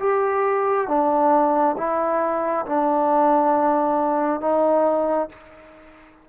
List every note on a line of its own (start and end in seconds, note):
0.00 0.88 G4
0.88 1.76 D4
1.78 2.66 E4
2.66 4.41 D4
4.41 5.29 D#4